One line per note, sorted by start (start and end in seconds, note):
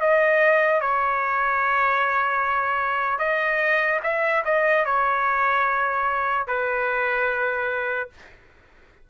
0.00 0.80 D#5
0.80 3.18 C#5
3.18 4.00 D#5
4.03 4.43 E5
4.44 4.85 D#5
4.85 6.47 C#5
6.47 8.09 B4